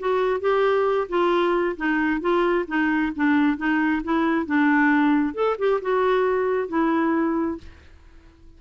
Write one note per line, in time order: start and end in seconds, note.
0.00 0.41 F#4
0.41 1.08 G4
1.09 1.77 F4
1.77 2.21 D#4
2.21 2.66 F4
2.68 3.13 D#4
3.16 3.58 D4
3.58 4.03 D#4
4.04 4.47 E4
4.47 5.35 D4
5.35 5.57 A4
5.59 5.81 G4
5.82 6.69 F#4
6.69 7.59 E4